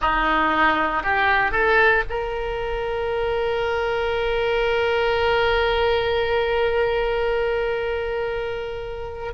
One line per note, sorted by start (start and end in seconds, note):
0.00 1.03 D#4
1.03 1.51 G4
1.51 2.03 A4
2.09 9.33 A#4